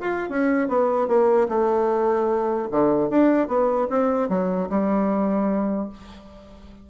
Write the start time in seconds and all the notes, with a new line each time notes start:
0.00 F4
0.29 C#4
0.68 B3
1.08 A#3
1.48 A3
2.71 D3
3.10 D4
3.48 B3
3.90 C4
4.29 F#3
4.69 G3